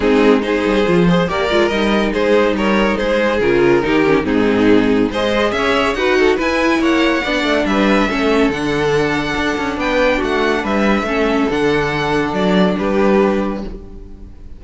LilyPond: <<
  \new Staff \with { instrumentName = "violin" } { \time 4/4 \tempo 4 = 141 gis'4 c''2 d''4 | dis''4 c''4 cis''4 c''4 | ais'2 gis'2 | dis''4 e''4 fis''4 gis''4 |
fis''2 e''2 | fis''2. g''4 | fis''4 e''2 fis''4~ | fis''4 d''4 b'2 | }
  \new Staff \with { instrumentName = "violin" } { \time 4/4 dis'4 gis'4. c''8 ais'4~ | ais'4 gis'4 ais'4 gis'4~ | gis'4 g'4 dis'2 | c''4 cis''4 b'8 a'8 b'4 |
cis''4 d''4 b'4 a'4~ | a'2. b'4 | fis'4 b'4 a'2~ | a'2 g'2 | }
  \new Staff \with { instrumentName = "viola" } { \time 4/4 c'4 dis'4 f'8 gis'8 g'8 f'8 | dis'1 | f'4 dis'8 cis'8 c'2 | gis'2 fis'4 e'4~ |
e'4 d'2 cis'4 | d'1~ | d'2 cis'4 d'4~ | d'1 | }
  \new Staff \with { instrumentName = "cello" } { \time 4/4 gis4. g8 f4 ais8 gis8 | g4 gis4 g4 gis4 | cis4 dis4 gis,2 | gis4 cis'4 dis'4 e'4 |
ais4 b8 a8 g4 a4 | d2 d'8 cis'8 b4 | a4 g4 a4 d4~ | d4 fis4 g2 | }
>>